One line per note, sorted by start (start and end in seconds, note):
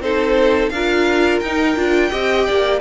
0.00 0.70 C4
0.00 0.72 D#4
0.00 0.72 A4
0.00 0.69 C5
0.69 1.41 D4
0.69 2.11 A#4
0.69 1.39 F5
0.75 1.44 F4
1.40 1.76 D#4
1.40 2.79 G5
1.76 2.11 D4
1.76 2.10 F4
2.10 2.47 C4
2.10 2.80 G4
2.10 2.45 D#5
2.45 2.80 A#3
2.45 2.80 D5